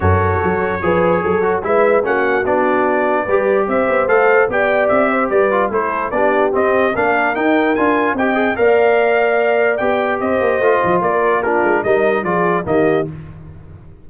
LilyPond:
<<
  \new Staff \with { instrumentName = "trumpet" } { \time 4/4 \tempo 4 = 147 cis''1 | e''4 fis''4 d''2~ | d''4 e''4 f''4 g''4 | e''4 d''4 c''4 d''4 |
dis''4 f''4 g''4 gis''4 | g''4 f''2. | g''4 dis''2 d''4 | ais'4 dis''4 d''4 dis''4 | }
  \new Staff \with { instrumentName = "horn" } { \time 4/4 a'2 b'4 a'4 | b'4 fis'2. | b'4 c''2 d''4~ | d''8 c''8 b'4 a'4 g'4~ |
g'4 ais'2. | dis''4 d''2.~ | d''4 c''2 ais'4 | f'4 ais'4 gis'4 g'4 | }
  \new Staff \with { instrumentName = "trombone" } { \time 4/4 fis'2 gis'4. fis'8 | e'4 cis'4 d'2 | g'2 a'4 g'4~ | g'4. f'8 e'4 d'4 |
c'4 d'4 dis'4 f'4 | g'8 gis'8 ais'2. | g'2 f'2 | d'4 dis'4 f'4 ais4 | }
  \new Staff \with { instrumentName = "tuba" } { \time 4/4 fis,4 fis4 f4 fis4 | gis4 ais4 b2 | g4 c'8 b8 a4 b4 | c'4 g4 a4 b4 |
c'4 ais4 dis'4 d'4 | c'4 ais2. | b4 c'8 ais8 a8 f8 ais4~ | ais8 gis8 g4 f4 dis4 | }
>>